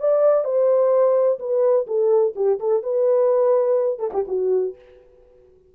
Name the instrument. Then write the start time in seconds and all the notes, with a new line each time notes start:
horn
0.00 D5
0.44 C5
1.39 B4
1.87 A4
2.35 G4
2.59 A4
2.82 B4
3.99 A4
4.13 G4
4.28 F#4